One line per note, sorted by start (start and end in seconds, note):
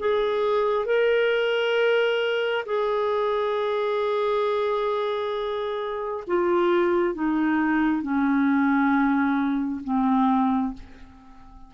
0.00 0.86 G#4
0.86 2.65 A#4
2.66 6.24 G#4
6.28 7.15 F4
7.15 8.02 D#4
8.02 9.81 C#4
9.85 10.74 C4